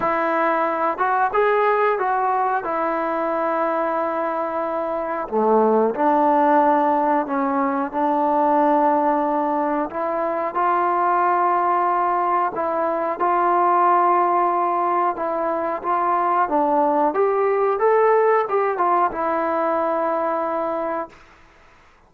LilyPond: \new Staff \with { instrumentName = "trombone" } { \time 4/4 \tempo 4 = 91 e'4. fis'8 gis'4 fis'4 | e'1 | a4 d'2 cis'4 | d'2. e'4 |
f'2. e'4 | f'2. e'4 | f'4 d'4 g'4 a'4 | g'8 f'8 e'2. | }